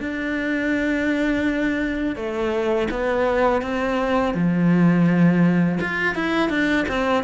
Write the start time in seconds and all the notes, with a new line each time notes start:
0.00 D4
2.16 A3
2.90 B3
3.62 C4
4.34 F3
5.81 F4
6.15 E4
6.49 D4
6.88 C4